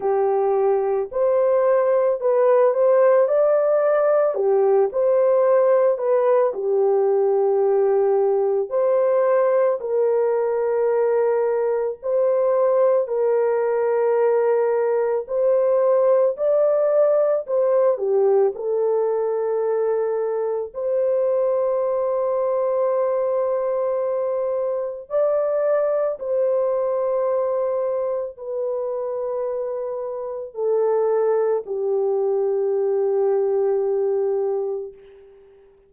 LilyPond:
\new Staff \with { instrumentName = "horn" } { \time 4/4 \tempo 4 = 55 g'4 c''4 b'8 c''8 d''4 | g'8 c''4 b'8 g'2 | c''4 ais'2 c''4 | ais'2 c''4 d''4 |
c''8 g'8 a'2 c''4~ | c''2. d''4 | c''2 b'2 | a'4 g'2. | }